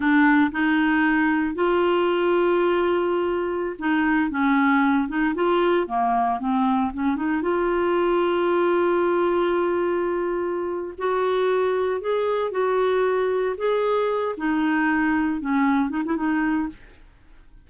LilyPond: \new Staff \with { instrumentName = "clarinet" } { \time 4/4 \tempo 4 = 115 d'4 dis'2 f'4~ | f'2.~ f'16 dis'8.~ | dis'16 cis'4. dis'8 f'4 ais8.~ | ais16 c'4 cis'8 dis'8 f'4.~ f'16~ |
f'1~ | f'4 fis'2 gis'4 | fis'2 gis'4. dis'8~ | dis'4. cis'4 dis'16 e'16 dis'4 | }